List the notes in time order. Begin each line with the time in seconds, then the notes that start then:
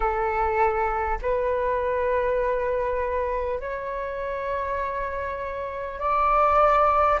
0.00 A4
1.22 B4
3.59 C#5
5.99 D5